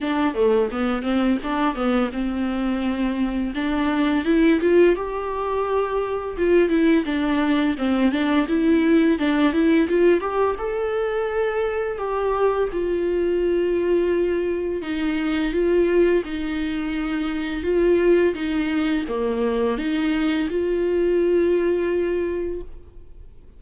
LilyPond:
\new Staff \with { instrumentName = "viola" } { \time 4/4 \tempo 4 = 85 d'8 a8 b8 c'8 d'8 b8 c'4~ | c'4 d'4 e'8 f'8 g'4~ | g'4 f'8 e'8 d'4 c'8 d'8 | e'4 d'8 e'8 f'8 g'8 a'4~ |
a'4 g'4 f'2~ | f'4 dis'4 f'4 dis'4~ | dis'4 f'4 dis'4 ais4 | dis'4 f'2. | }